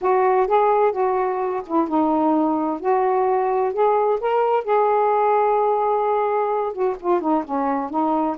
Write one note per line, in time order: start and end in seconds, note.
0.01 0.47 F#4
0.47 0.92 G#4
0.92 1.62 F#4
1.66 1.88 E4
1.88 2.80 D#4
2.80 3.73 F#4
3.73 4.19 G#4
4.20 4.64 A#4
4.64 6.72 G#4
6.72 6.96 F#4
7.00 7.21 F4
7.21 7.44 D#4
7.44 7.89 C#4
7.89 8.36 D#4